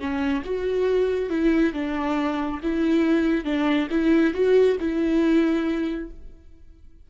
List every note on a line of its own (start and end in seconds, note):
0.00 0.43 C#4
0.45 1.30 F#4
1.30 1.74 E4
1.74 2.61 D4
2.63 3.45 E4
3.45 3.89 D4
3.91 4.34 E4
4.34 4.77 F#4
4.80 6.10 E4